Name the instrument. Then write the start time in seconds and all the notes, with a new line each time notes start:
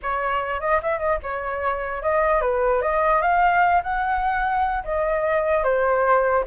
flute
0.02 C#5
0.60 D#5
0.82 E5
0.98 D#5
1.22 C#5
2.02 D#5
2.41 B4
2.81 D#5
3.21 F5
3.83 F#5
4.84 D#5
5.63 C5